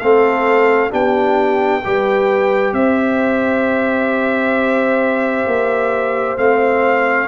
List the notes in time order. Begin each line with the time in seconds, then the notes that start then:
0.00 A3 C4 A4 F5
0.90 B3 D4 G4 G5
1.84 G3 G4 B4
2.73 C4 C5 E5
5.47 A#3
6.38 A3 C4 F5